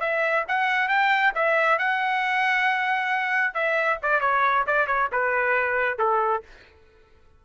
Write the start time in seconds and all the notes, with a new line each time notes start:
0.00 E5
0.48 F#5
0.88 G5
1.35 E5
1.78 F#5
3.54 E5
4.02 D5
4.20 C#5
4.67 D5
4.87 C#5
5.12 B4
5.98 A4